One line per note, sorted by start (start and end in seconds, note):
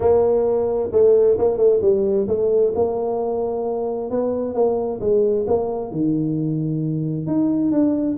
0.00 0.90 A#3
0.92 1.37 A3
1.38 1.57 A#3
1.57 1.80 A3
1.81 2.27 G3
2.27 2.73 A3
2.75 4.10 A#3
4.10 4.54 B3
4.54 4.99 A#3
5.00 5.45 G#3
5.47 5.91 A#3
5.91 7.26 D#3
7.26 7.71 D#4
7.71 8.17 D4